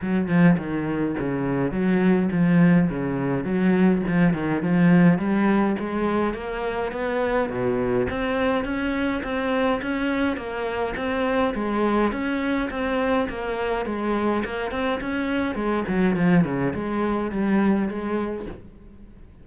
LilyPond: \new Staff \with { instrumentName = "cello" } { \time 4/4 \tempo 4 = 104 fis8 f8 dis4 cis4 fis4 | f4 cis4 fis4 f8 dis8 | f4 g4 gis4 ais4 | b4 b,4 c'4 cis'4 |
c'4 cis'4 ais4 c'4 | gis4 cis'4 c'4 ais4 | gis4 ais8 c'8 cis'4 gis8 fis8 | f8 cis8 gis4 g4 gis4 | }